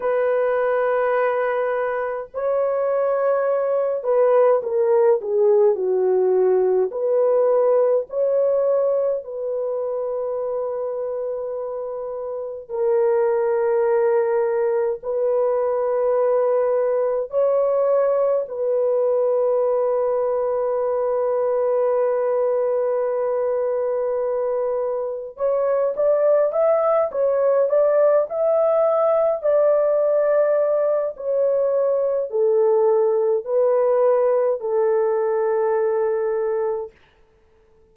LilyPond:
\new Staff \with { instrumentName = "horn" } { \time 4/4 \tempo 4 = 52 b'2 cis''4. b'8 | ais'8 gis'8 fis'4 b'4 cis''4 | b'2. ais'4~ | ais'4 b'2 cis''4 |
b'1~ | b'2 cis''8 d''8 e''8 cis''8 | d''8 e''4 d''4. cis''4 | a'4 b'4 a'2 | }